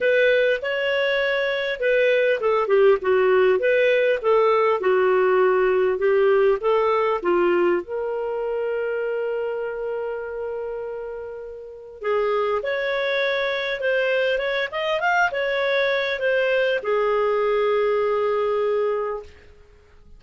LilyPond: \new Staff \with { instrumentName = "clarinet" } { \time 4/4 \tempo 4 = 100 b'4 cis''2 b'4 | a'8 g'8 fis'4 b'4 a'4 | fis'2 g'4 a'4 | f'4 ais'2.~ |
ais'1 | gis'4 cis''2 c''4 | cis''8 dis''8 f''8 cis''4. c''4 | gis'1 | }